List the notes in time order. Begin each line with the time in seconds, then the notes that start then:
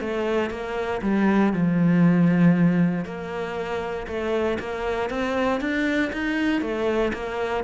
0.00 A3
0.50 A#3
1.02 G3
1.53 F3
3.05 A#3
4.07 A3
4.59 A#3
5.10 C4
5.60 D4
6.12 D#4
6.61 A3
7.13 A#3